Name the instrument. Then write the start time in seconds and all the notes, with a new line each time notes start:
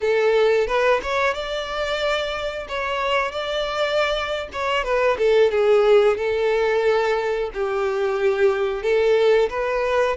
violin
0.01 A4
0.67 B4
1.02 C#5
1.34 D5
2.68 C#5
3.31 D5
4.52 C#5
4.83 B4
5.18 A4
5.51 G#4
6.17 A4
7.53 G4
8.82 A4
9.49 B4